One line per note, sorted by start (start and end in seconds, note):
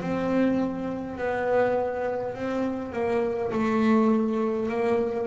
0.00 1.17 C4
1.17 2.34 B3
2.34 2.92 C4
2.92 3.51 A#3
3.52 4.68 A3
4.68 5.27 A#3